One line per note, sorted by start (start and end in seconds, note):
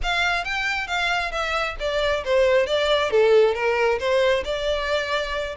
0.02 0.44 F5
0.44 0.87 G5
0.87 1.31 F5
1.31 1.76 E5
1.79 2.24 D5
2.24 2.66 C5
2.66 3.10 D5
3.10 3.54 A4
3.54 3.99 A#4
3.99 4.43 C5
4.44 5.55 D5